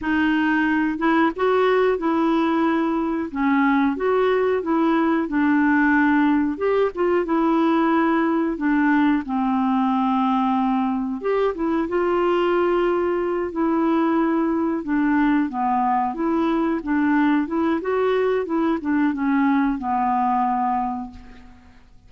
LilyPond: \new Staff \with { instrumentName = "clarinet" } { \time 4/4 \tempo 4 = 91 dis'4. e'8 fis'4 e'4~ | e'4 cis'4 fis'4 e'4 | d'2 g'8 f'8 e'4~ | e'4 d'4 c'2~ |
c'4 g'8 e'8 f'2~ | f'8 e'2 d'4 b8~ | b8 e'4 d'4 e'8 fis'4 | e'8 d'8 cis'4 b2 | }